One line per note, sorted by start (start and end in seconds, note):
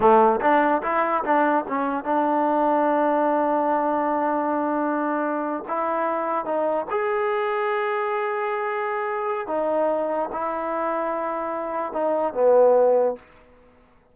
0.00 0.40 A3
0.40 0.81 D4
0.82 1.23 E4
1.23 1.65 D4
1.68 2.04 C#4
2.04 5.64 D4
5.68 6.45 E4
6.45 6.86 D#4
6.90 9.47 G#4
9.47 10.29 D#4
10.32 11.92 E4
11.92 12.33 D#4
12.33 13.15 B3